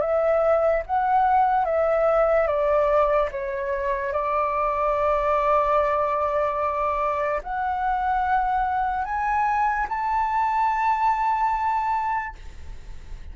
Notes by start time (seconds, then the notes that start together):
0.00 E5
0.86 F#5
1.64 E5
2.47 D5
3.31 C#5
4.12 D5
7.42 F#5
9.04 G#5
9.89 A5